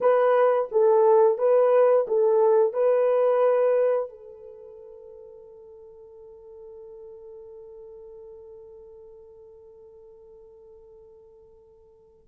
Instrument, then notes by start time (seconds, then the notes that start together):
horn
0.01 B4
0.71 A4
1.38 B4
2.07 A4
2.73 B4
4.09 A4